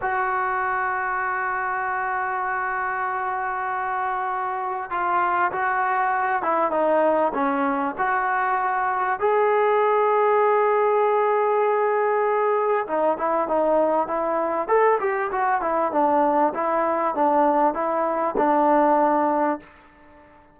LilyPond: \new Staff \with { instrumentName = "trombone" } { \time 4/4 \tempo 4 = 98 fis'1~ | fis'1 | f'4 fis'4. e'8 dis'4 | cis'4 fis'2 gis'4~ |
gis'1~ | gis'4 dis'8 e'8 dis'4 e'4 | a'8 g'8 fis'8 e'8 d'4 e'4 | d'4 e'4 d'2 | }